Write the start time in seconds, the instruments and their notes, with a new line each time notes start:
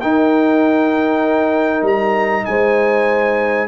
0.00 trombone D#4, tuba D#4, horn A#4, trumpet G5
1.82 tuba G3, trumpet A#5
2.45 tuba G#3, horn C5, trumpet G#5